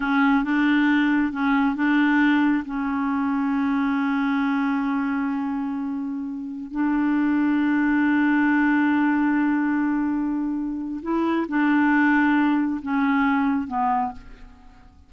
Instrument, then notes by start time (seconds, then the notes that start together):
clarinet
0.00 C#4
0.44 D4
1.32 C#4
1.75 D4
2.65 C#4
6.71 D4
11.02 E4
11.48 D4
12.81 C#4
13.67 B3